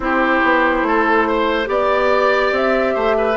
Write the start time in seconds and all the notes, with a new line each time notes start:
0.00 C4 E4 G4 C5
0.43 B3
0.82 A3 A4
1.27 C5
1.65 B3 G4 D5
2.52 C4 E5
2.94 A3 C5
3.17 B4